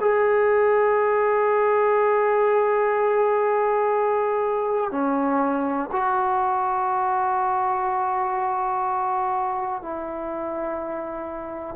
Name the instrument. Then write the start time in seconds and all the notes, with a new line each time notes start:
trombone
0.00 G#4
4.91 C#4
5.92 F#4
9.81 E4